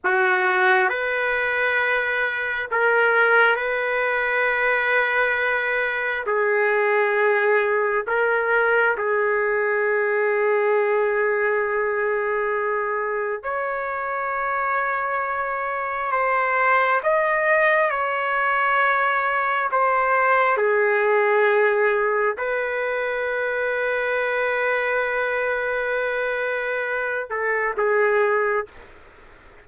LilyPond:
\new Staff \with { instrumentName = "trumpet" } { \time 4/4 \tempo 4 = 67 fis'4 b'2 ais'4 | b'2. gis'4~ | gis'4 ais'4 gis'2~ | gis'2. cis''4~ |
cis''2 c''4 dis''4 | cis''2 c''4 gis'4~ | gis'4 b'2.~ | b'2~ b'8 a'8 gis'4 | }